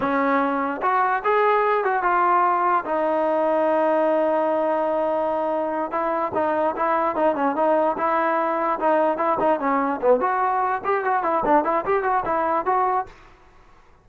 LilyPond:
\new Staff \with { instrumentName = "trombone" } { \time 4/4 \tempo 4 = 147 cis'2 fis'4 gis'4~ | gis'8 fis'8 f'2 dis'4~ | dis'1~ | dis'2~ dis'8 e'4 dis'8~ |
dis'8 e'4 dis'8 cis'8 dis'4 e'8~ | e'4. dis'4 e'8 dis'8 cis'8~ | cis'8 b8 fis'4. g'8 fis'8 e'8 | d'8 e'8 g'8 fis'8 e'4 fis'4 | }